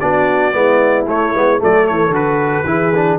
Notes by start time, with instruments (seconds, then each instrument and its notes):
0.00 tuba B3, trombone D4, horn F#4, trumpet D5
0.53 tuba G#3, trombone B3, horn E4
1.07 tuba A3, trombone A3, trumpet C#5
1.35 tuba G#3, trombone B3
1.59 tuba F#3, trombone A3, horn A4, trumpet D5
1.87 tuba E3, trumpet C#5
2.10 tuba D3, trombone F#4, trumpet B4
2.65 tuba E3, trombone E4, horn G#4
2.96 trombone D4